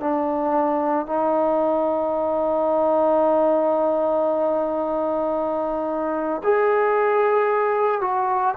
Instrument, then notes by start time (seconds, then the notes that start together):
trombone
0.00 D4
1.06 D#4
6.43 G#4
8.01 F#4